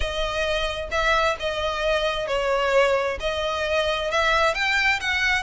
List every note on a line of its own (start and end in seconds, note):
0.00 0.89 D#5
0.91 1.36 E5
1.39 2.27 D#5
2.27 3.18 C#5
3.19 4.10 D#5
4.10 4.54 E5
4.54 4.99 G5
5.00 5.43 F#5